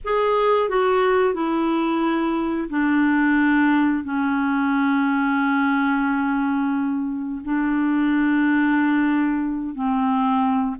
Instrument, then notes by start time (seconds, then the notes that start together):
clarinet
0.04 G#4
0.69 F#4
1.34 E4
2.69 D4
4.04 C#4
7.44 D4
9.74 C4